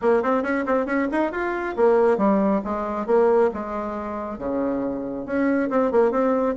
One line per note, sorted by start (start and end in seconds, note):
0.01 0.22 A#3
0.22 0.42 C4
0.42 0.64 C#4
0.65 0.85 C4
0.85 1.07 C#4
1.11 1.31 D#4
1.31 1.75 F4
1.76 2.17 A#3
2.17 2.61 G3
2.64 3.06 G#3
3.06 3.50 A#3
3.53 4.38 G#3
4.38 5.25 C#3
5.25 5.69 C#4
5.70 5.91 C4
5.91 6.11 A#3
6.11 6.55 C4